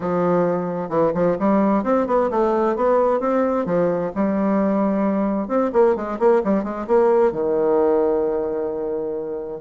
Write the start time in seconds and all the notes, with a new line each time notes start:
0.00 F3
0.89 E3
1.14 F3
1.39 G3
1.83 C4
2.07 B3
2.30 A3
2.76 B3
3.19 C4
3.65 F3
4.15 G3
5.48 C4
5.72 A#3
5.95 G#3
6.19 A#3
6.44 G3
6.63 G#3
6.87 A#3
7.32 D#3